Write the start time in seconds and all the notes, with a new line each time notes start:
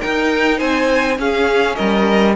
0.00 D#4 A#4 G5
0.57 C4 C5 G#5
1.17 C#4 G#4 F5
1.75 G3 A#4 D#5